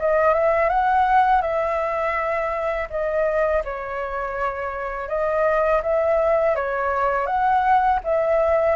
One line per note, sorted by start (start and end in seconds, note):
0.00 0.35 D#5
0.35 0.70 E5
0.70 1.42 F#5
1.42 2.88 E5
2.90 3.64 D#5
3.65 5.09 C#5
5.09 5.82 D#5
5.83 6.56 E5
6.56 7.27 C#5
7.27 8.00 F#5
8.04 8.76 E5